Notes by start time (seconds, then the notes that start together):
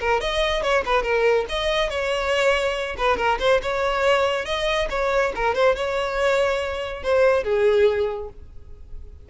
0.00 A#4
0.21 D#5
0.62 C#5
0.85 B4
1.03 A#4
1.49 D#5
1.90 C#5
2.97 B4
3.17 A#4
3.39 C5
3.62 C#5
4.45 D#5
4.90 C#5
5.35 A#4
5.54 C5
5.75 C#5
7.03 C5
7.44 G#4